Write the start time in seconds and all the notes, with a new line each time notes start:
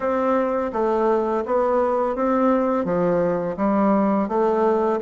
0.00 C4
0.72 A3
1.45 B3
2.15 C4
2.84 F3
3.56 G3
4.28 A3